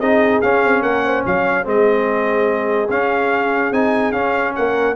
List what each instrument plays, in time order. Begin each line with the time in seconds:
0.00 tuba C4, trombone D#4, horn G#4, trumpet D#5
0.42 trombone C#4, tuba C#4, trumpet F5
0.64 tuba C4
0.83 tuba A#3, horn A#4, trumpet F#5
1.06 horn C5
1.25 tuba F#3, horn C#5, trumpet F5
1.64 tuba G#3, trombone C4, horn G#4, trumpet D#5
2.90 tuba C#4, trombone C#4, trumpet F5
3.72 tuba C4, trombone D#4, trumpet G#5
4.12 tuba C#4, trombone C#4, trumpet F5
4.56 tuba A#3, horn A#4, trumpet F#5